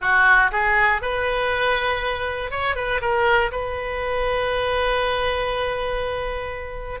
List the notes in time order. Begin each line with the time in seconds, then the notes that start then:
0.01 F#4
0.51 G#4
1.01 B4
2.50 C#5
2.75 B4
3.01 A#4
3.51 B4